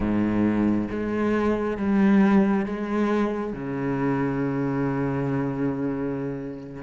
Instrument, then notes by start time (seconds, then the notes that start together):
cello
0.00 G#2
0.90 G#3
1.77 G3
2.65 G#3
3.53 C#3